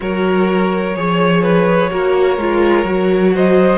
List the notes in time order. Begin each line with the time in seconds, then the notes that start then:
0.00 F#3 F#4 A#4 C#5
0.95 F3 G#4 C#5
1.42 B4
1.90 A#3 F#4 A#4
2.37 G#3 F4
2.84 F#3 F#4
3.34 C5 D#5